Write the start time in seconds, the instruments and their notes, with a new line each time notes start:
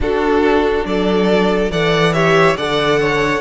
0.00 viola D4, cello D4, violin F#4 A4
0.85 cello F#3, violin A4 D5
1.70 cello E3, viola A4, violin D5 F#5
2.13 viola G4, violin C#5 E5
2.56 cello D3, viola A4, violin D5 F#5
3.00 violin C#5